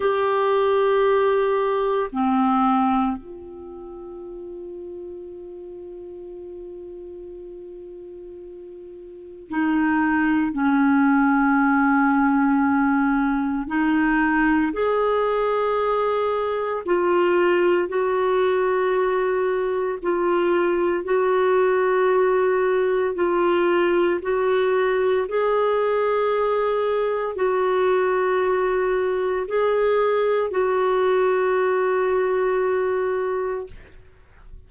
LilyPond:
\new Staff \with { instrumentName = "clarinet" } { \time 4/4 \tempo 4 = 57 g'2 c'4 f'4~ | f'1~ | f'4 dis'4 cis'2~ | cis'4 dis'4 gis'2 |
f'4 fis'2 f'4 | fis'2 f'4 fis'4 | gis'2 fis'2 | gis'4 fis'2. | }